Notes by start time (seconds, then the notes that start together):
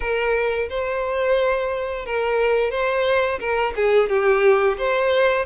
0.00 A#4
0.69 C5
2.05 A#4
2.71 C5
3.39 A#4
3.76 G#4
4.09 G4
4.77 C5